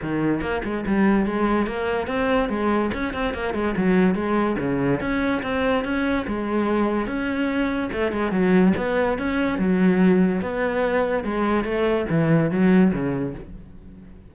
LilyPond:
\new Staff \with { instrumentName = "cello" } { \time 4/4 \tempo 4 = 144 dis4 ais8 gis8 g4 gis4 | ais4 c'4 gis4 cis'8 c'8 | ais8 gis8 fis4 gis4 cis4 | cis'4 c'4 cis'4 gis4~ |
gis4 cis'2 a8 gis8 | fis4 b4 cis'4 fis4~ | fis4 b2 gis4 | a4 e4 fis4 cis4 | }